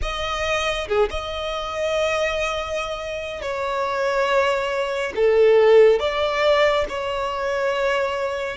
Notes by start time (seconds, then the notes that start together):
0.02 D#5
0.88 G#4
1.10 D#5
3.41 C#5
5.15 A4
5.99 D5
6.88 C#5